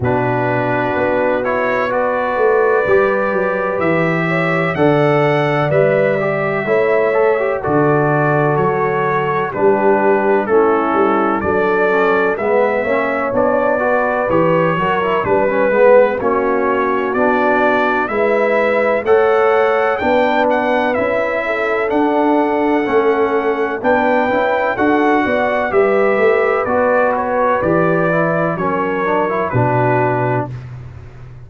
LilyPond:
<<
  \new Staff \with { instrumentName = "trumpet" } { \time 4/4 \tempo 4 = 63 b'4. cis''8 d''2 | e''4 fis''4 e''2 | d''4 cis''4 b'4 a'4 | d''4 e''4 d''4 cis''4 |
b'4 cis''4 d''4 e''4 | fis''4 g''8 fis''8 e''4 fis''4~ | fis''4 g''4 fis''4 e''4 | d''8 cis''8 d''4 cis''4 b'4 | }
  \new Staff \with { instrumentName = "horn" } { \time 4/4 fis'2 b'2~ | b'8 cis''8 d''2 cis''4 | a'2 g'4 e'4 | a'4 b'8 cis''4 b'4 ais'8 |
b'4 fis'2 b'4 | cis''4 b'4. a'4.~ | a'4 b'4 a'8 d''8 b'4~ | b'2 ais'4 fis'4 | }
  \new Staff \with { instrumentName = "trombone" } { \time 4/4 d'4. e'8 fis'4 g'4~ | g'4 a'4 b'8 g'8 e'8 a'16 g'16 | fis'2 d'4 cis'4 | d'8 cis'8 b8 cis'8 d'8 fis'8 g'8 fis'16 e'16 |
d'16 cis'16 b8 cis'4 d'4 e'4 | a'4 d'4 e'4 d'4 | cis'4 d'8 e'8 fis'4 g'4 | fis'4 g'8 e'8 cis'8 d'16 e'16 d'4 | }
  \new Staff \with { instrumentName = "tuba" } { \time 4/4 b,4 b4. a8 g8 fis8 | e4 d4 g4 a4 | d4 fis4 g4 a8 g8 | fis4 gis8 ais8 b4 e8 fis8 |
g8 gis8 ais4 b4 gis4 | a4 b4 cis'4 d'4 | a4 b8 cis'8 d'8 b8 g8 a8 | b4 e4 fis4 b,4 | }
>>